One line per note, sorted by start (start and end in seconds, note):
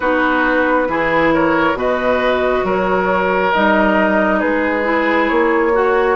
0.00 0.88 B3
0.00 0.88 D#4
0.00 0.88 F#4
0.00 1.31 B4
0.88 1.73 E3
0.88 1.75 E4
0.88 1.33 G#4
1.33 1.78 A#4
1.33 1.77 C#5
1.73 2.62 B2
1.73 3.51 F#4
1.73 2.65 B4
1.73 2.66 D#5
2.63 3.51 F#3
2.63 4.39 A#4
2.63 3.52 C#5
3.52 4.42 G3
3.52 4.83 D#4
3.52 4.40 D#5
4.39 5.30 G#3
4.39 5.72 G#4
4.39 5.28 B4
4.83 5.71 E4
5.28 6.15 A#3
5.28 6.15 C#5
5.73 6.15 F#4